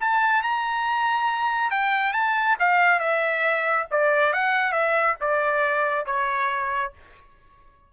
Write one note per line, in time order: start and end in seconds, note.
0.00 0.42 A5
0.42 1.71 A#5
1.71 2.13 G5
2.13 2.56 A5
2.59 2.99 F5
2.99 3.86 E5
3.91 4.33 D5
4.33 4.72 F#5
4.72 5.15 E5
5.21 6.06 D5
6.06 6.92 C#5